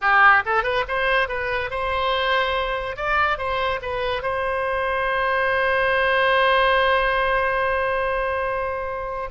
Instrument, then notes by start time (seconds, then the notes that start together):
oboe
0.01 G4
0.45 A4
0.63 B4
0.88 C5
1.28 B4
1.70 C5
2.96 D5
3.37 C5
3.82 B4
4.22 C5